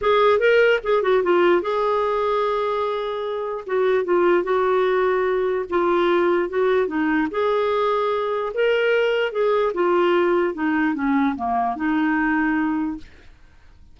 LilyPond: \new Staff \with { instrumentName = "clarinet" } { \time 4/4 \tempo 4 = 148 gis'4 ais'4 gis'8 fis'8 f'4 | gis'1~ | gis'4 fis'4 f'4 fis'4~ | fis'2 f'2 |
fis'4 dis'4 gis'2~ | gis'4 ais'2 gis'4 | f'2 dis'4 cis'4 | ais4 dis'2. | }